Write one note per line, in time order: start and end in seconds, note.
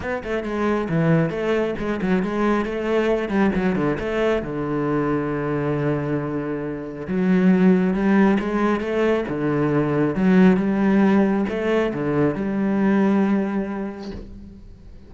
0.00 0.22 B3
0.23 0.43 A3
0.43 0.87 G#3
0.89 1.30 E3
1.30 1.74 A3
1.78 2.00 G#3
2.01 2.22 F#3
2.22 2.65 G#3
2.65 3.28 A3
3.28 3.51 G3
3.55 3.75 F#3
3.75 3.97 D3
3.99 4.42 A3
4.42 7.07 D3
7.07 7.93 F#3
7.93 8.37 G3
8.39 8.80 G#3
8.80 9.24 A3
9.28 10.15 D3
10.15 10.56 F#3
10.56 11.45 G3
11.48 11.92 A3
11.93 12.34 D3
12.34 14.11 G3